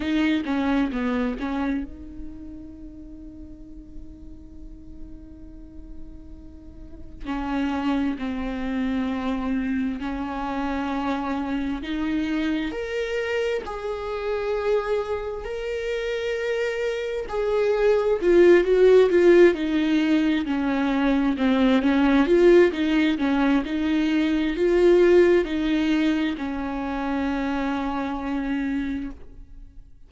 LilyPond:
\new Staff \with { instrumentName = "viola" } { \time 4/4 \tempo 4 = 66 dis'8 cis'8 b8 cis'8 dis'2~ | dis'1 | cis'4 c'2 cis'4~ | cis'4 dis'4 ais'4 gis'4~ |
gis'4 ais'2 gis'4 | f'8 fis'8 f'8 dis'4 cis'4 c'8 | cis'8 f'8 dis'8 cis'8 dis'4 f'4 | dis'4 cis'2. | }